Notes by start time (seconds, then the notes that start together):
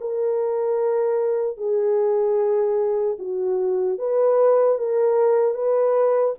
0.00 A#4
1.57 G#4
3.19 F#4
3.98 B4
4.78 A#4
5.54 B4